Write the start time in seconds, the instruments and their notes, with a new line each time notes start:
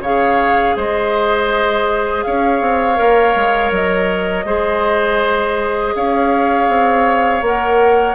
0.00 bassoon C#3, clarinet G#4, oboe C#5, flute F5
0.76 bassoon G#3, oboe C5, flute D#5
2.23 bassoon C#4, oboe C#5, flute F5
2.61 bassoon C4
2.95 bassoon A#3, clarinet A#4
3.35 bassoon G#3
3.71 bassoon F#3, flute D#5
4.44 bassoon G#3, clarinet G#4, oboe C5
5.95 bassoon C#4, oboe C#5, flute F5
6.68 bassoon C4
7.41 bassoon A#3, clarinet A#4, flute F#5